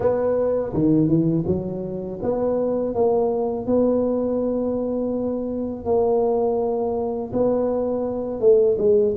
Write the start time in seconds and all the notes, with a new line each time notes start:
0.00 B3
0.73 D#3
1.07 E3
1.46 F#3
2.22 B3
2.94 A#3
3.66 B3
5.85 A#3
7.32 B3
8.40 A3
8.78 G#3